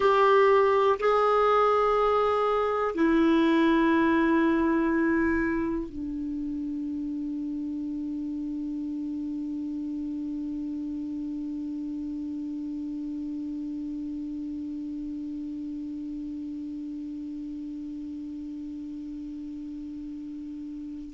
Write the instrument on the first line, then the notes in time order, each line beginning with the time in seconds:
clarinet
0.00 G4
0.99 G#4
2.94 E4
5.89 D4